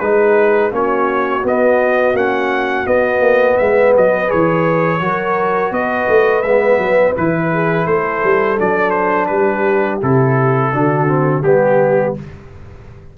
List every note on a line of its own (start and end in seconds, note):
0.00 0.72 G#3
0.00 0.72 D#4
0.00 0.75 G#4
0.00 0.71 B4
0.72 1.44 A#3
0.72 1.43 C#4
0.72 3.59 F#4
0.72 1.46 C#5
1.44 2.15 B3
1.44 2.14 B3
1.44 2.17 D#5
2.14 2.85 A#3
2.14 2.86 C#4
2.14 2.87 F#5
2.86 4.28 B3
2.86 3.21 B3
2.86 3.58 D#5
3.21 3.57 A#3
3.58 3.96 G#3
3.58 5.02 B4
3.58 3.93 E5
3.96 4.32 F#3
3.96 4.31 D#5
4.28 5.01 E3
4.28 5.00 G#4
4.28 5.74 C#5
5.01 5.72 F#3
5.01 6.44 F#4
5.01 5.74 A#4
5.72 6.07 B3
5.72 7.53 B4
5.72 6.42 D#5
6.09 6.44 A3
6.42 6.78 G#3
6.42 7.17 B3
6.42 7.14 E5
6.78 7.14 F#3
7.17 7.87 E3
7.17 8.58 E4
7.17 7.87 B4
7.53 7.86 G#4
7.86 8.23 A3
7.86 9.29 A4
7.86 8.59 C5
8.24 8.60 G3
8.58 9.30 F#3
8.58 10.01 D4
8.58 8.91 D5
8.91 9.26 C5
9.27 10.01 G3
9.27 10.73 G4
9.27 9.98 B4
10.02 10.74 C3
10.02 10.73 E4
10.02 11.43 A4
10.73 11.44 D3
10.73 11.08 D4
10.73 11.44 F#4
11.08 11.44 C4
11.43 12.15 G3
11.43 12.17 B3
11.43 12.15 G4
11.43 12.18 G4